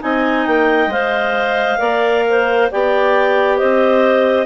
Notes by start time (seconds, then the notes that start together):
0.00 C4 D#4 D#5 G#5
0.47 A#3 G5
0.87 G#3 C5 F5
1.79 A#3 A#4 D5
2.29 C5
2.72 B3 G4 D5 G5
3.58 C4 C5 D#5